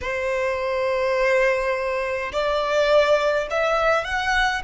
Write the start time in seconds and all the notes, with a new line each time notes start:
0.01 C5
2.32 D5
3.50 E5
4.04 F#5